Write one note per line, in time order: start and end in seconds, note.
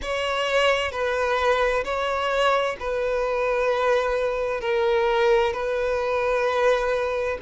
0.02 0.91 C#5
0.91 1.83 B4
1.84 2.76 C#5
2.79 4.60 B4
4.60 5.53 A#4
5.53 7.38 B4